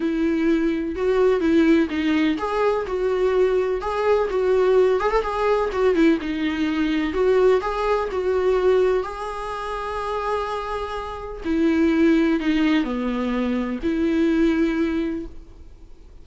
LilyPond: \new Staff \with { instrumentName = "viola" } { \time 4/4 \tempo 4 = 126 e'2 fis'4 e'4 | dis'4 gis'4 fis'2 | gis'4 fis'4. gis'16 a'16 gis'4 | fis'8 e'8 dis'2 fis'4 |
gis'4 fis'2 gis'4~ | gis'1 | e'2 dis'4 b4~ | b4 e'2. | }